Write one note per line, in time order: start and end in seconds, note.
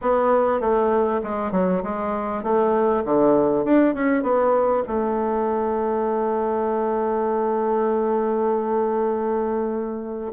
0.01 0.60 B3
0.60 1.21 A3
1.23 1.51 G#3
1.51 1.82 F#3
1.83 2.43 G#3
2.43 3.03 A3
3.04 3.64 D3
3.64 3.94 D4
3.94 4.22 C#4
4.22 4.83 B3
4.87 10.33 A3